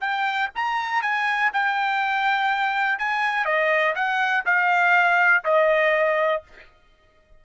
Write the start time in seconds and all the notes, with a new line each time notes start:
0.00 G5
0.55 A#5
1.01 G#5
1.53 G5
2.98 G#5
3.45 D#5
3.95 F#5
4.45 F5
5.44 D#5